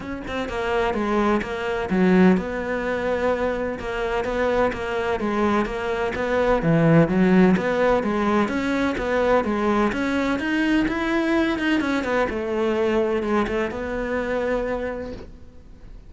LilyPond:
\new Staff \with { instrumentName = "cello" } { \time 4/4 \tempo 4 = 127 cis'8 c'8 ais4 gis4 ais4 | fis4 b2. | ais4 b4 ais4 gis4 | ais4 b4 e4 fis4 |
b4 gis4 cis'4 b4 | gis4 cis'4 dis'4 e'4~ | e'8 dis'8 cis'8 b8 a2 | gis8 a8 b2. | }